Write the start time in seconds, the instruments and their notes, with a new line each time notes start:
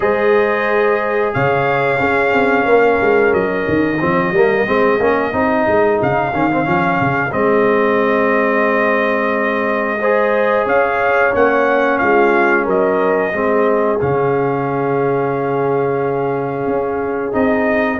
0.00 tuba G#3, trombone G#4, horn C5, trumpet D#5
1.33 tuba C#3, horn C#5, trumpet F5
1.97 trombone C#4, tuba C#4, horn G#4
2.32 tuba C4
2.65 tuba A#3, horn A#4
3.01 tuba G#3
3.33 tuba F#3, trumpet D#5
3.68 tuba D#3
4.00 tuba F3, trombone C4, horn G#4
4.31 tuba G3, trombone A#3
4.66 tuba G#3, trombone C4
4.99 tuba A#3, trombone C#4
5.32 tuba C4, trombone D#4
5.67 tuba G#3
6.02 tuba C#3, trumpet F5
6.33 tuba D#3, trombone C#4
6.50 trombone C4
6.63 tuba F3, trombone C#4
7.00 tuba C#3
7.31 tuba G#3, trombone C4, trumpet D#5
9.99 trombone G#4, horn C5
10.65 tuba C#4, horn C#5, trumpet F5
11.32 tuba A#3, trombone C#4, trumpet F#5
11.98 tuba G#3, horn F4, trumpet F5
12.64 tuba F#3, horn A#4, trumpet D#5
13.32 tuba G#3, trombone C4, horn G#4
14.00 tuba C#3, trombone C#4, trumpet F5
16.66 tuba C#4
17.32 tuba C4, trombone D#4, trumpet D#5